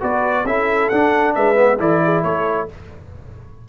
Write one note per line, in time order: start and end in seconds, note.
0.00 0.44 B3
0.00 0.45 F#4
0.00 0.45 B4
0.00 0.46 D5
0.44 0.89 C#4
0.44 0.91 E4
0.44 1.35 A4
0.44 0.89 E5
0.89 1.36 D4
0.89 1.55 D4
0.89 1.33 F#5
1.34 1.79 G#3
1.34 1.80 B4
1.34 1.79 E5
1.55 1.77 B3
1.79 2.24 E3
1.79 2.68 E4
1.79 2.02 A4
1.79 2.23 D5
2.04 2.24 G#4
2.23 2.68 A3
2.23 2.68 A4
2.23 2.68 C#5